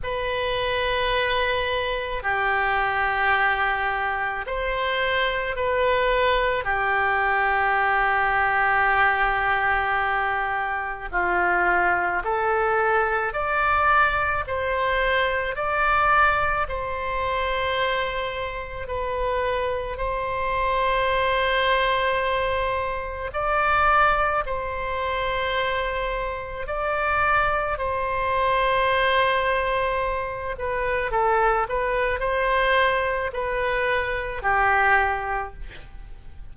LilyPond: \new Staff \with { instrumentName = "oboe" } { \time 4/4 \tempo 4 = 54 b'2 g'2 | c''4 b'4 g'2~ | g'2 f'4 a'4 | d''4 c''4 d''4 c''4~ |
c''4 b'4 c''2~ | c''4 d''4 c''2 | d''4 c''2~ c''8 b'8 | a'8 b'8 c''4 b'4 g'4 | }